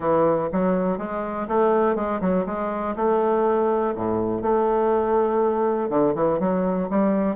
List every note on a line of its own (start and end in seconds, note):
0.00 0.49 E3
0.52 0.97 F#3
0.97 1.47 G#3
1.48 1.95 A3
1.95 2.20 G#3
2.20 2.45 F#3
2.46 2.95 G#3
2.96 3.94 A3
3.95 4.42 A2
4.42 5.89 A3
5.89 6.14 D3
6.15 6.39 E3
6.39 6.89 F#3
6.90 7.35 G3